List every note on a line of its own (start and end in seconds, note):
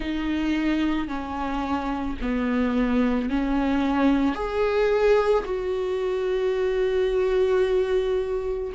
0.00 1.08 D#4
1.08 2.17 C#4
2.21 3.29 B3
3.29 4.34 C#4
4.34 5.43 G#4
5.44 8.72 F#4